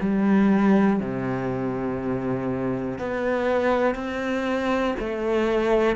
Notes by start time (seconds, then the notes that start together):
0.00 G3
1.00 C3
2.99 B3
3.95 C4
5.00 A3